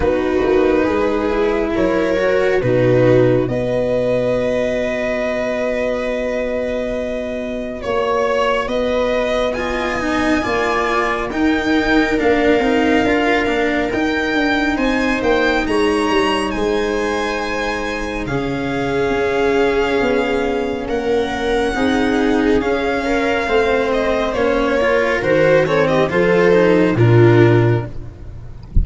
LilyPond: <<
  \new Staff \with { instrumentName = "violin" } { \time 4/4 \tempo 4 = 69 b'2 cis''4 b'4 | dis''1~ | dis''4 cis''4 dis''4 gis''4~ | gis''4 g''4 f''2 |
g''4 gis''8 g''8 ais''4 gis''4~ | gis''4 f''2. | fis''2 f''4. dis''8 | cis''4 c''8 cis''16 dis''16 c''4 ais'4 | }
  \new Staff \with { instrumentName = "viola" } { \time 4/4 fis'4 gis'4 ais'4 fis'4 | b'1~ | b'4 cis''4 b'4 dis''4 | d''4 ais'2.~ |
ais'4 c''4 cis''4 c''4~ | c''4 gis'2. | ais'4 gis'4. ais'8 c''4~ | c''8 ais'4 a'16 g'16 a'4 f'4 | }
  \new Staff \with { instrumentName = "cello" } { \time 4/4 dis'4. e'4 fis'8 dis'4 | fis'1~ | fis'2. f'8 dis'8 | f'4 dis'4 d'8 dis'8 f'8 d'8 |
dis'1~ | dis'4 cis'2.~ | cis'4 dis'4 cis'4 c'4 | cis'8 f'8 fis'8 c'8 f'8 dis'8 d'4 | }
  \new Staff \with { instrumentName = "tuba" } { \time 4/4 b8 ais8 gis4 fis4 b,4 | b1~ | b4 ais4 b2 | ais4 dis'4 ais8 c'8 d'8 ais8 |
dis'8 d'8 c'8 ais8 gis8 g8 gis4~ | gis4 cis4 cis'4 b4 | ais4 c'4 cis'4 a4 | ais4 dis4 f4 ais,4 | }
>>